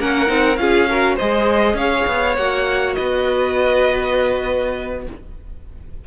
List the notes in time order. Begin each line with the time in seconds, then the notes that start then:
0.00 A#3 C#4 A#4 F#5
0.27 C4 D#4
0.57 C#4 F4 G#4 F5
0.90 F#4 A#4
1.16 G#3 G#4 C5 D#5
1.74 C#4 C#5 F5
2.08 B3
2.37 A#3 F#4 F#5
2.94 B3 B4 D#5